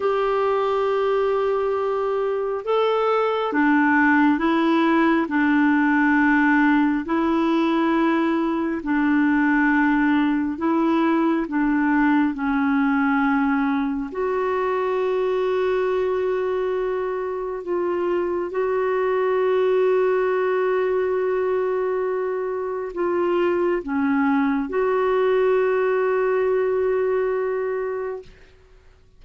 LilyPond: \new Staff \with { instrumentName = "clarinet" } { \time 4/4 \tempo 4 = 68 g'2. a'4 | d'4 e'4 d'2 | e'2 d'2 | e'4 d'4 cis'2 |
fis'1 | f'4 fis'2.~ | fis'2 f'4 cis'4 | fis'1 | }